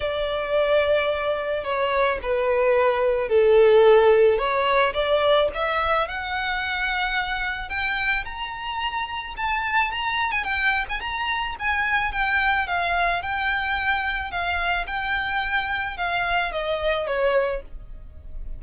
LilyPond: \new Staff \with { instrumentName = "violin" } { \time 4/4 \tempo 4 = 109 d''2. cis''4 | b'2 a'2 | cis''4 d''4 e''4 fis''4~ | fis''2 g''4 ais''4~ |
ais''4 a''4 ais''8. gis''16 g''8. gis''16 | ais''4 gis''4 g''4 f''4 | g''2 f''4 g''4~ | g''4 f''4 dis''4 cis''4 | }